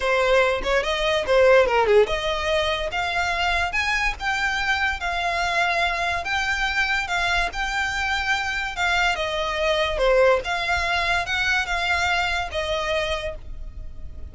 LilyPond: \new Staff \with { instrumentName = "violin" } { \time 4/4 \tempo 4 = 144 c''4. cis''8 dis''4 c''4 | ais'8 gis'8 dis''2 f''4~ | f''4 gis''4 g''2 | f''2. g''4~ |
g''4 f''4 g''2~ | g''4 f''4 dis''2 | c''4 f''2 fis''4 | f''2 dis''2 | }